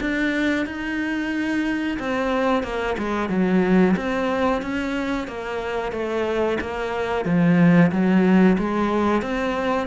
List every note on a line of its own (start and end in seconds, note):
0.00 0.66 D4
0.66 1.98 D#4
1.99 2.63 C4
2.63 2.96 A#3
2.98 3.29 G#3
3.29 3.95 F#3
3.96 4.62 C4
4.62 5.27 C#4
5.27 5.92 A#3
5.92 6.58 A3
6.61 7.25 A#3
7.25 7.91 F3
7.91 8.57 F#3
8.58 9.22 G#3
9.22 9.87 C4